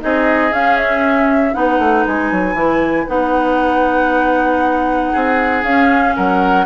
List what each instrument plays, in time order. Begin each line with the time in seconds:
0.00 bassoon C4, clarinet D#4, oboe G#4, flute D#5
0.52 bassoon C#4, clarinet C#4, flute F5
0.77 flute E5
1.53 bassoon B3, clarinet D#4, oboe B4, flute F#5
1.79 bassoon A3
2.07 bassoon G#3, flute G#5
2.32 bassoon F#3
2.54 bassoon E3, clarinet E4
3.07 bassoon B3, clarinet D#4, flute F#5
5.12 bassoon C4, oboe G#4
5.63 bassoon C#4, clarinet C#4, flute F5
6.16 bassoon F#3, oboe A#4, flute F#5